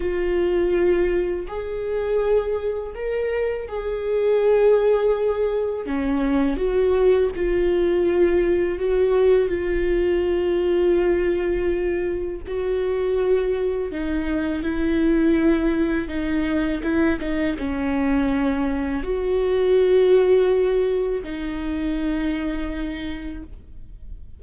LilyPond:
\new Staff \with { instrumentName = "viola" } { \time 4/4 \tempo 4 = 82 f'2 gis'2 | ais'4 gis'2. | cis'4 fis'4 f'2 | fis'4 f'2.~ |
f'4 fis'2 dis'4 | e'2 dis'4 e'8 dis'8 | cis'2 fis'2~ | fis'4 dis'2. | }